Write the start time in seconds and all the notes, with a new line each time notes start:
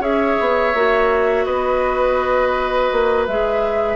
0.00 C#4 G#4 C#5 E5
0.40 B3
0.74 A#3 F#4
1.45 B3 B4 D#5
2.92 A#3
3.27 G#3 G#4 E5